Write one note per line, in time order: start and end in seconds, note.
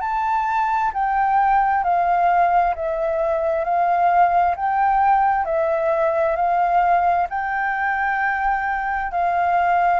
0.00 0.91 A5
0.93 1.83 G5
1.83 2.74 F5
2.75 3.64 E5
3.64 4.55 F5
4.56 5.45 G5
5.45 6.36 E5
6.36 7.26 F5
7.29 9.11 G5
9.11 10.00 F5